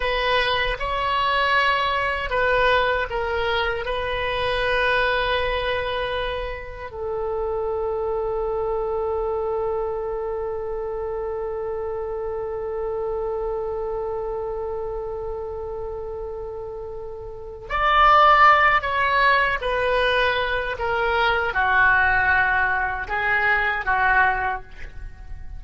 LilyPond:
\new Staff \with { instrumentName = "oboe" } { \time 4/4 \tempo 4 = 78 b'4 cis''2 b'4 | ais'4 b'2.~ | b'4 a'2.~ | a'1~ |
a'1~ | a'2. d''4~ | d''8 cis''4 b'4. ais'4 | fis'2 gis'4 fis'4 | }